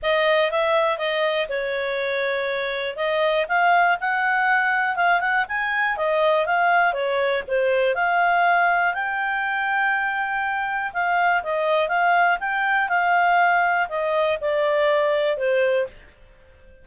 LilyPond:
\new Staff \with { instrumentName = "clarinet" } { \time 4/4 \tempo 4 = 121 dis''4 e''4 dis''4 cis''4~ | cis''2 dis''4 f''4 | fis''2 f''8 fis''8 gis''4 | dis''4 f''4 cis''4 c''4 |
f''2 g''2~ | g''2 f''4 dis''4 | f''4 g''4 f''2 | dis''4 d''2 c''4 | }